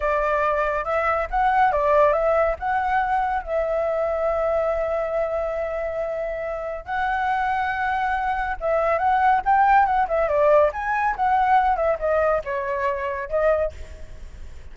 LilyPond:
\new Staff \with { instrumentName = "flute" } { \time 4/4 \tempo 4 = 140 d''2 e''4 fis''4 | d''4 e''4 fis''2 | e''1~ | e''1 |
fis''1 | e''4 fis''4 g''4 fis''8 e''8 | d''4 gis''4 fis''4. e''8 | dis''4 cis''2 dis''4 | }